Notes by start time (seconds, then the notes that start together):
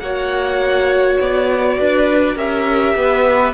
0.00 A#3 F#4 C#5 F#5
1.20 B3 D5
1.79 D4 B4
2.36 C#4 G4 A#4 E5
2.96 B3 B4